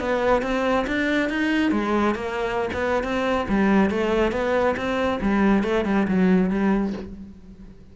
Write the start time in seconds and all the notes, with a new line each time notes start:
0.00 B3
0.42 C4
0.87 D4
1.30 D#4
1.72 G#3
2.15 A#3
2.74 B3
3.04 C4
3.49 G3
3.91 A3
4.32 B3
4.77 C4
5.22 G3
5.63 A3
5.85 G3
6.08 F#3
6.50 G3